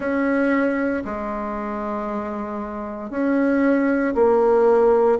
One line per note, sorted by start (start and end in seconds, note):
0.00 1.03 C#4
1.04 3.10 G#3
3.10 4.14 C#4
4.14 5.18 A#3